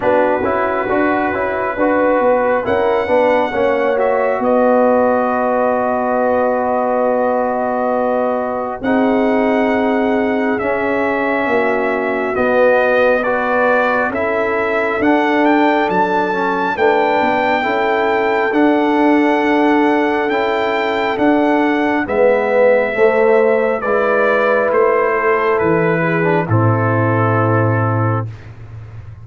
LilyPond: <<
  \new Staff \with { instrumentName = "trumpet" } { \time 4/4 \tempo 4 = 68 b'2. fis''4~ | fis''8 e''8 dis''2.~ | dis''2 fis''2 | e''2 dis''4 d''4 |
e''4 fis''8 g''8 a''4 g''4~ | g''4 fis''2 g''4 | fis''4 e''2 d''4 | c''4 b'4 a'2 | }
  \new Staff \with { instrumentName = "horn" } { \time 4/4 fis'2 b'4 ais'8 b'8 | cis''4 b'2.~ | b'2 gis'2~ | gis'4 fis'2 b'4 |
a'2. b'4 | a'1~ | a'4 b'4 c''4 b'4~ | b'8 a'4 gis'8 e'2 | }
  \new Staff \with { instrumentName = "trombone" } { \time 4/4 d'8 e'8 fis'8 e'8 fis'4 e'8 d'8 | cis'8 fis'2.~ fis'8~ | fis'2 dis'2 | cis'2 b4 fis'4 |
e'4 d'4. cis'8 d'4 | e'4 d'2 e'4 | d'4 b4 a4 e'4~ | e'4.~ e'16 d'16 c'2 | }
  \new Staff \with { instrumentName = "tuba" } { \time 4/4 b8 cis'8 d'8 cis'8 d'8 b8 cis'8 b8 | ais4 b2.~ | b2 c'2 | cis'4 ais4 b2 |
cis'4 d'4 fis4 a8 b8 | cis'4 d'2 cis'4 | d'4 gis4 a4 gis4 | a4 e4 a,2 | }
>>